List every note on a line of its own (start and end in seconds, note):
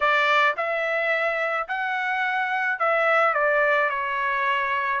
0.00 0.55 D5
0.56 1.67 E5
1.68 2.79 F#5
2.79 3.34 E5
3.34 3.89 D5
3.89 5.00 C#5